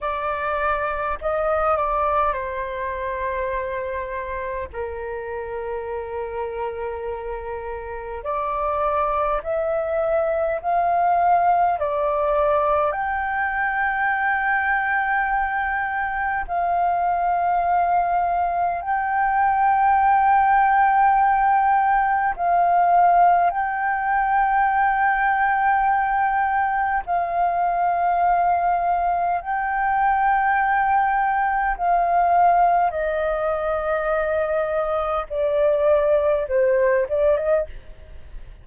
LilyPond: \new Staff \with { instrumentName = "flute" } { \time 4/4 \tempo 4 = 51 d''4 dis''8 d''8 c''2 | ais'2. d''4 | e''4 f''4 d''4 g''4~ | g''2 f''2 |
g''2. f''4 | g''2. f''4~ | f''4 g''2 f''4 | dis''2 d''4 c''8 d''16 dis''16 | }